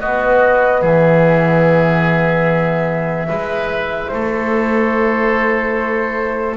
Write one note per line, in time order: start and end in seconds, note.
0.00 0.82 B3
0.00 3.28 B3
0.00 0.81 F#4
0.00 0.82 D#5
0.81 3.28 E3
0.81 3.28 G#4
0.81 4.08 E5
3.28 4.12 G#3
3.28 6.56 E4
3.28 4.11 B4
4.08 6.57 A3
4.08 6.57 A4
4.08 6.54 C5